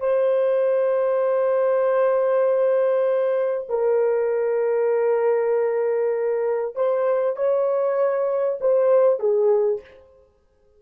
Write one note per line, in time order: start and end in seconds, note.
0.00 3.67 C5
3.70 6.76 A#4
6.76 7.36 C5
7.36 8.59 C#5
8.61 9.20 C5
9.20 9.81 G#4